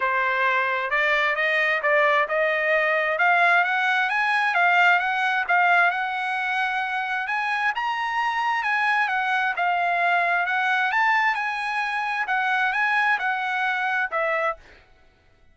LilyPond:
\new Staff \with { instrumentName = "trumpet" } { \time 4/4 \tempo 4 = 132 c''2 d''4 dis''4 | d''4 dis''2 f''4 | fis''4 gis''4 f''4 fis''4 | f''4 fis''2. |
gis''4 ais''2 gis''4 | fis''4 f''2 fis''4 | a''4 gis''2 fis''4 | gis''4 fis''2 e''4 | }